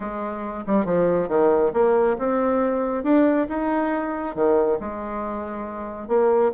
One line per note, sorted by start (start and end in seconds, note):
0.00 0.64 G#3
0.66 0.85 G3
0.85 1.28 F3
1.28 1.72 D#3
1.73 2.16 A#3
2.18 3.03 C4
3.03 3.47 D4
3.48 4.35 D#4
4.35 4.78 D#3
4.80 6.08 G#3
6.08 6.51 A#3